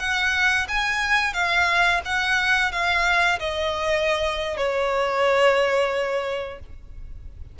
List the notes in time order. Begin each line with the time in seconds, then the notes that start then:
0.00 F#5
0.69 G#5
1.34 F5
2.06 F#5
2.72 F5
3.40 D#5
4.58 C#5